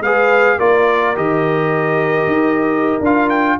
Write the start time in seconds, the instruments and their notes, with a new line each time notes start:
0.00 tuba G#3, trombone G#4, horn B4, trumpet F5
0.58 tuba A#3, trombone F4, horn A#4, trumpet D5
1.16 tuba D#3, trombone G4, trumpet D#5
2.27 tuba D#4
3.01 tuba D4, trombone F4, trumpet F5
3.30 trumpet G5